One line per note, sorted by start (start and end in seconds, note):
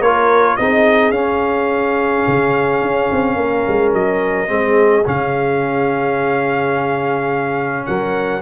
0.00 0.56 A#3
0.00 0.59 F4
0.00 0.57 A#4
0.00 0.56 C#5
0.56 1.10 C4
0.56 1.13 D#4
0.56 3.38 G#4
0.56 1.11 D#5
1.10 2.22 C#4
1.10 4.48 C#4
1.10 3.92 F5
2.27 2.82 C#3
2.82 3.10 C#4
3.12 3.35 C4
3.35 3.63 A#3
3.35 4.50 A#4
3.68 3.93 G#3
3.93 4.49 F#3
3.93 5.06 D#5
4.48 5.05 G#3
4.48 5.04 C4
4.48 7.86 G#4
5.05 7.87 C#3
5.05 8.42 C#4
5.05 7.86 F5
7.86 8.42 F#3
7.86 8.42 A#4
7.86 8.42 F#5